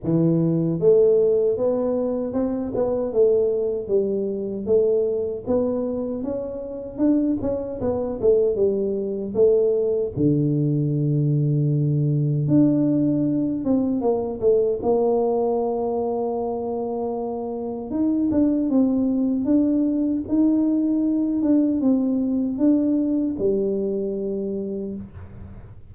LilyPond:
\new Staff \with { instrumentName = "tuba" } { \time 4/4 \tempo 4 = 77 e4 a4 b4 c'8 b8 | a4 g4 a4 b4 | cis'4 d'8 cis'8 b8 a8 g4 | a4 d2. |
d'4. c'8 ais8 a8 ais4~ | ais2. dis'8 d'8 | c'4 d'4 dis'4. d'8 | c'4 d'4 g2 | }